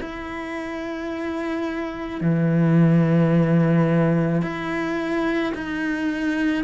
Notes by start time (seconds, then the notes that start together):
0.00 E4
2.20 E3
4.42 E4
5.54 D#4